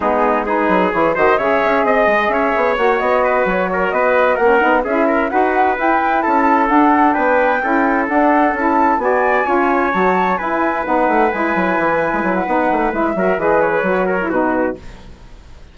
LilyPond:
<<
  \new Staff \with { instrumentName = "flute" } { \time 4/4 \tempo 4 = 130 gis'4 b'4 cis''8 dis''8 e''4 | dis''4 e''4 fis''8 dis''4 cis''8~ | cis''8 dis''4 fis''4 e''4 fis''8~ | fis''8 g''4 a''4 fis''4 g''8~ |
g''4. fis''4 a''4 gis''8~ | gis''4. a''4 gis''4 fis''8~ | fis''8 gis''2~ gis''16 fis''4~ fis''16 | e''4 dis''8 cis''4. b'4 | }
  \new Staff \with { instrumentName = "trumpet" } { \time 4/4 dis'4 gis'4. c''8 cis''4 | dis''4 cis''2 b'4 | ais'8 b'4 ais'4 gis'8 ais'8 b'8~ | b'4. a'2 b'8~ |
b'8 a'2. d''8~ | d''8 cis''2 b'4.~ | b'1~ | b'8 ais'8 b'4. ais'8 fis'4 | }
  \new Staff \with { instrumentName = "saxophone" } { \time 4/4 b4 dis'4 e'8 fis'8 gis'4~ | gis'2 fis'2~ | fis'4. cis'8 dis'8 e'4 fis'8~ | fis'8 e'2 d'4.~ |
d'8 e'4 d'4 e'4 fis'8~ | fis'8 f'4 fis'4 e'4 dis'8~ | dis'8 e'2~ e'8 dis'4 | e'8 fis'8 gis'4 fis'8. e'16 dis'4 | }
  \new Staff \with { instrumentName = "bassoon" } { \time 4/4 gis4. fis8 e8 dis8 cis8 cis'8 | c'8 gis8 cis'8 b8 ais8 b4 fis8~ | fis8 b4 ais8 b8 cis'4 dis'8~ | dis'8 e'4 cis'4 d'4 b8~ |
b8 cis'4 d'4 cis'4 b8~ | b8 cis'4 fis4 e'4 b8 | a8 gis8 fis8 e8. gis16 fis8 b8 a8 | gis8 fis8 e4 fis4 b,4 | }
>>